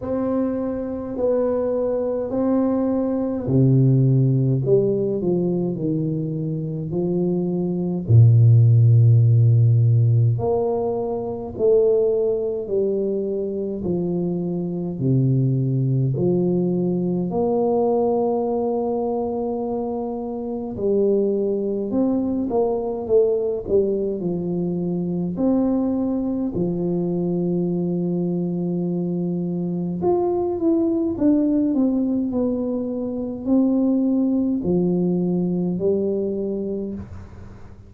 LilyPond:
\new Staff \with { instrumentName = "tuba" } { \time 4/4 \tempo 4 = 52 c'4 b4 c'4 c4 | g8 f8 dis4 f4 ais,4~ | ais,4 ais4 a4 g4 | f4 c4 f4 ais4~ |
ais2 g4 c'8 ais8 | a8 g8 f4 c'4 f4~ | f2 f'8 e'8 d'8 c'8 | b4 c'4 f4 g4 | }